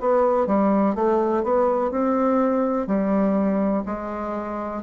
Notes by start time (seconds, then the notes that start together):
0.00 B3
0.46 G3
0.95 A3
1.43 B3
1.91 C4
2.86 G3
3.85 G#3